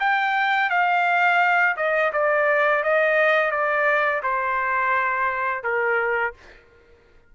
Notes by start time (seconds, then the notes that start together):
0.00 G5
0.70 F5
1.76 D#5
2.13 D5
2.83 D#5
3.51 D5
4.23 C5
5.63 A#4